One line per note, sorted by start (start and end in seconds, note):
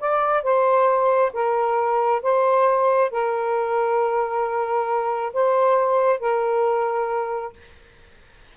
0.00 0.43 D5
0.43 1.32 C5
1.33 2.22 A#4
2.22 3.11 C5
3.11 5.33 A#4
5.33 6.20 C5
6.20 7.53 A#4